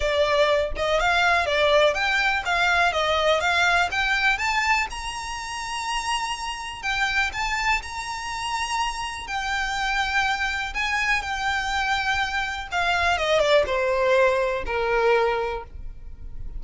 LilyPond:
\new Staff \with { instrumentName = "violin" } { \time 4/4 \tempo 4 = 123 d''4. dis''8 f''4 d''4 | g''4 f''4 dis''4 f''4 | g''4 a''4 ais''2~ | ais''2 g''4 a''4 |
ais''2. g''4~ | g''2 gis''4 g''4~ | g''2 f''4 dis''8 d''8 | c''2 ais'2 | }